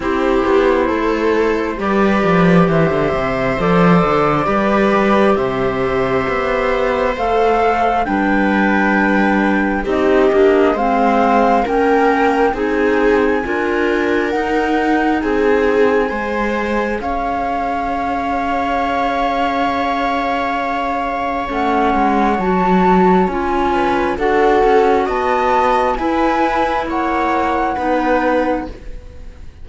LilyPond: <<
  \new Staff \with { instrumentName = "flute" } { \time 4/4 \tempo 4 = 67 c''2 d''4 e''4 | d''2 e''2 | f''4 g''2 dis''4 | f''4 g''4 gis''2 |
fis''4 gis''2 f''4~ | f''1 | fis''4 a''4 gis''4 fis''4 | a''4 gis''4 fis''2 | }
  \new Staff \with { instrumentName = "viola" } { \time 4/4 g'4 a'4 b'4 c''4~ | c''4 b'4 c''2~ | c''4 b'2 g'4 | c''4 ais'4 gis'4 ais'4~ |
ais'4 gis'4 c''4 cis''4~ | cis''1~ | cis''2~ cis''8 b'8 a'4 | dis''4 b'4 cis''4 b'4 | }
  \new Staff \with { instrumentName = "clarinet" } { \time 4/4 e'2 g'2 | a'4 g'2. | a'4 d'2 dis'8 d'8 | c'4 cis'4 dis'4 f'4 |
dis'2 gis'2~ | gis'1 | cis'4 fis'4 f'4 fis'4~ | fis'4 e'2 dis'4 | }
  \new Staff \with { instrumentName = "cello" } { \time 4/4 c'8 b8 a4 g8 f8 e16 d16 c8 | f8 d8 g4 c4 b4 | a4 g2 c'8 ais8 | gis4 ais4 c'4 d'4 |
dis'4 c'4 gis4 cis'4~ | cis'1 | a8 gis8 fis4 cis'4 d'8 cis'8 | b4 e'4 ais4 b4 | }
>>